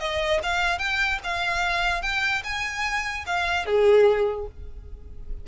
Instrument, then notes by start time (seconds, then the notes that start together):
violin
0.00 D#5
0.43 F5
0.79 G5
1.24 F5
2.03 G5
2.44 G#5
3.27 F5
3.66 G#4